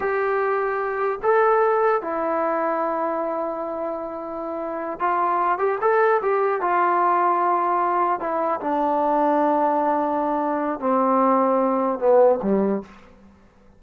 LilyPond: \new Staff \with { instrumentName = "trombone" } { \time 4/4 \tempo 4 = 150 g'2. a'4~ | a'4 e'2.~ | e'1~ | e'8 f'4. g'8 a'4 g'8~ |
g'8 f'2.~ f'8~ | f'8 e'4 d'2~ d'8~ | d'2. c'4~ | c'2 b4 g4 | }